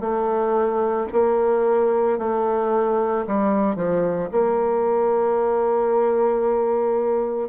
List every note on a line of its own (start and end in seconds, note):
0.00 1.07 A3
1.12 2.18 A#3
2.18 3.25 A3
3.27 3.75 G3
3.75 4.29 F3
4.31 7.49 A#3